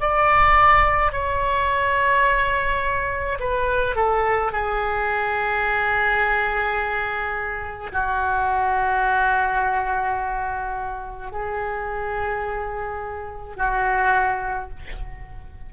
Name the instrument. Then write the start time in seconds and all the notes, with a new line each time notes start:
oboe
0.00 D5
1.12 C#5
3.40 B4
3.96 A4
4.52 G#4
7.92 F#4
11.32 G#4
13.56 F#4